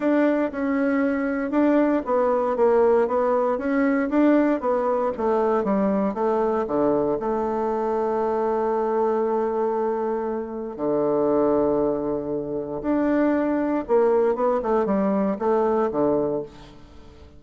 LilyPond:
\new Staff \with { instrumentName = "bassoon" } { \time 4/4 \tempo 4 = 117 d'4 cis'2 d'4 | b4 ais4 b4 cis'4 | d'4 b4 a4 g4 | a4 d4 a2~ |
a1~ | a4 d2.~ | d4 d'2 ais4 | b8 a8 g4 a4 d4 | }